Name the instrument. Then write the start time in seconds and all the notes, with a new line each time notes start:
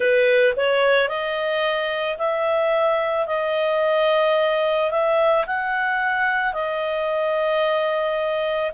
clarinet
0.00 B4
0.56 C#5
1.08 D#5
2.18 E5
3.27 D#5
4.90 E5
5.46 F#5
6.53 D#5